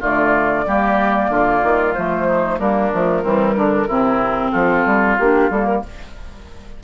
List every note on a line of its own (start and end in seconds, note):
0.00 0.66 D3
0.00 0.65 A3
0.00 0.65 F4
0.00 1.93 D5
0.66 1.28 G3
0.66 1.95 A#3
0.66 1.30 G4
1.28 1.61 D3
1.28 2.27 F4
1.63 1.95 D#3
1.93 2.59 F3
1.93 2.59 A3
1.93 2.58 C5
2.27 2.58 D#4
2.58 2.91 G3
2.58 2.92 A#3
2.58 3.22 D4
2.58 4.51 A#4
2.92 3.24 F3
2.92 3.22 A3
3.22 3.55 E3
3.22 3.87 G3
3.22 3.54 C4
3.55 3.87 D3
3.55 3.87 D4
3.87 4.53 C3
3.87 5.19 C4
3.87 4.51 E4
4.51 4.85 F3
4.51 5.80 F4
4.51 5.16 A4
4.85 5.18 G3
5.18 5.49 A#3
5.18 5.51 D4
5.18 5.50 G4
5.49 5.82 G3
5.49 5.83 A#3
5.49 5.65 A4
5.65 5.81 A#4